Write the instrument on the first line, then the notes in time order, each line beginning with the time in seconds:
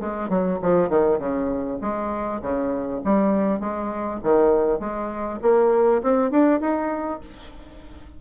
bassoon
0.00 G#3
0.29 F#3
0.62 F3
0.89 D#3
1.19 C#3
1.81 G#3
2.41 C#3
3.04 G3
3.60 G#3
4.23 D#3
4.79 G#3
5.42 A#3
6.03 C4
6.31 D4
6.60 D#4